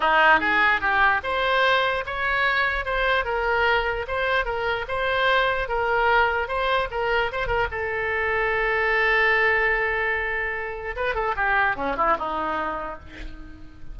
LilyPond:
\new Staff \with { instrumentName = "oboe" } { \time 4/4 \tempo 4 = 148 dis'4 gis'4 g'4 c''4~ | c''4 cis''2 c''4 | ais'2 c''4 ais'4 | c''2 ais'2 |
c''4 ais'4 c''8 ais'8 a'4~ | a'1~ | a'2. b'8 a'8 | g'4 cis'8 e'8 dis'2 | }